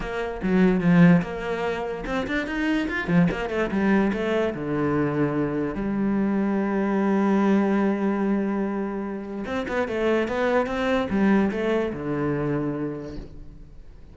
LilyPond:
\new Staff \with { instrumentName = "cello" } { \time 4/4 \tempo 4 = 146 ais4 fis4 f4 ais4~ | ais4 c'8 d'8 dis'4 f'8 f8 | ais8 a8 g4 a4 d4~ | d2 g2~ |
g1~ | g2. c'8 b8 | a4 b4 c'4 g4 | a4 d2. | }